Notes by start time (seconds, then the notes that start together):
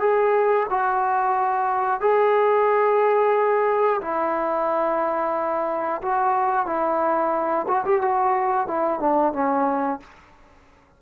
0.00 G#4
0.70 F#4
2.01 G#4
4.02 E4
6.02 F#4
6.66 E4
7.68 F#4
7.85 G4
8.02 F#4
8.68 E4
9.00 D4
9.33 C#4